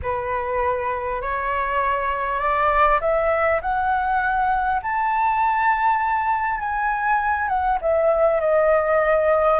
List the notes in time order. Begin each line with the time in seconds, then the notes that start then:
0.02 B4
1.21 C#5
2.39 D5
3.01 E5
3.61 F#5
4.82 A5
6.59 G#5
7.48 F#5
7.81 E5
8.40 D#5